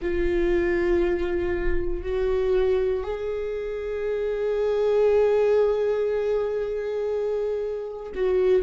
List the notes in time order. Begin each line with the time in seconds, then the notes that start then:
0.01 F4
2.02 F#4
3.03 G#4
8.14 F#4